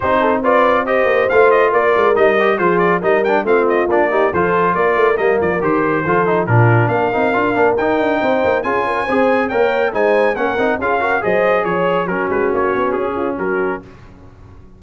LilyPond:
<<
  \new Staff \with { instrumentName = "trumpet" } { \time 4/4 \tempo 4 = 139 c''4 d''4 dis''4 f''8 dis''8 | d''4 dis''4 c''8 d''8 dis''8 g''8 | f''8 dis''8 d''4 c''4 d''4 | dis''8 d''8 c''2 ais'4 |
f''2 g''2 | gis''2 g''4 gis''4 | fis''4 f''4 dis''4 cis''4 | ais'8 b'8 cis''4 gis'4 ais'4 | }
  \new Staff \with { instrumentName = "horn" } { \time 4/4 g'8 a'8 b'4 c''2 | ais'2 gis'4 ais'4 | f'4. g'8 a'4 ais'4~ | ais'2 a'4 f'4 |
ais'2. c''4 | gis'8 ais'8 c''4 cis''4 c''4 | ais'4 gis'8 ais'8 c''4 cis''4 | fis'2~ fis'8 f'8 fis'4 | }
  \new Staff \with { instrumentName = "trombone" } { \time 4/4 dis'4 f'4 g'4 f'4~ | f'4 dis'8 g'8 f'4 dis'8 d'8 | c'4 d'8 dis'8 f'2 | ais4 g'4 f'8 dis'8 d'4~ |
d'8 dis'8 f'8 d'8 dis'2 | f'4 gis'4 ais'4 dis'4 | cis'8 dis'8 f'8 fis'8 gis'2 | cis'1 | }
  \new Staff \with { instrumentName = "tuba" } { \time 4/4 c'2~ c'8 ais8 a4 | ais8 gis8 g4 f4 g4 | a4 ais4 f4 ais8 a8 | g8 f8 dis4 f4 ais,4 |
ais8 c'8 d'8 ais8 dis'8 d'8 c'8 ais8 | cis'4 c'4 ais4 gis4 | ais8 c'8 cis'4 fis4 f4 | fis8 gis8 ais8 b8 cis'4 fis4 | }
>>